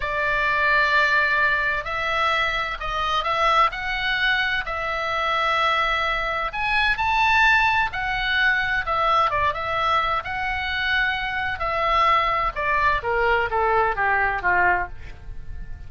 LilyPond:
\new Staff \with { instrumentName = "oboe" } { \time 4/4 \tempo 4 = 129 d''1 | e''2 dis''4 e''4 | fis''2 e''2~ | e''2 gis''4 a''4~ |
a''4 fis''2 e''4 | d''8 e''4. fis''2~ | fis''4 e''2 d''4 | ais'4 a'4 g'4 f'4 | }